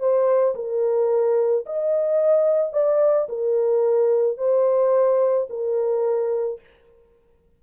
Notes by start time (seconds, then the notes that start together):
0.00 C5
0.56 A#4
1.66 D#5
2.73 D5
3.29 A#4
4.38 C5
5.50 A#4